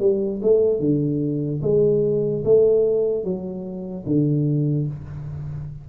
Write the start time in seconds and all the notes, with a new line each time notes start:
0.00 G3
0.42 A3
0.80 D3
1.63 G#3
2.45 A3
3.24 F#3
4.06 D3